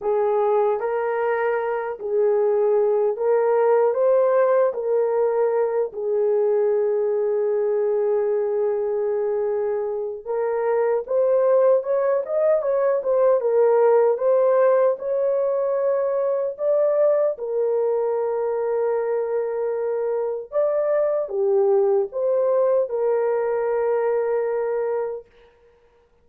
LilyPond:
\new Staff \with { instrumentName = "horn" } { \time 4/4 \tempo 4 = 76 gis'4 ais'4. gis'4. | ais'4 c''4 ais'4. gis'8~ | gis'1~ | gis'4 ais'4 c''4 cis''8 dis''8 |
cis''8 c''8 ais'4 c''4 cis''4~ | cis''4 d''4 ais'2~ | ais'2 d''4 g'4 | c''4 ais'2. | }